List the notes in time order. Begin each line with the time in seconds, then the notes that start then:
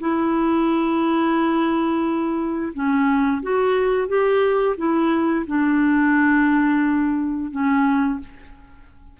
0.00 E4
2.74 C#4
3.42 F#4
4.08 G4
4.77 E4
5.47 D4
7.51 C#4